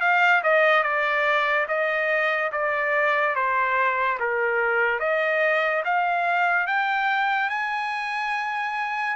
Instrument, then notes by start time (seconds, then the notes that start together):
trumpet
0.00 F5
0.43 D#5
0.83 D5
1.67 D#5
2.52 D5
3.35 C5
4.19 A#4
4.99 D#5
5.84 F5
6.67 G5
7.49 G#5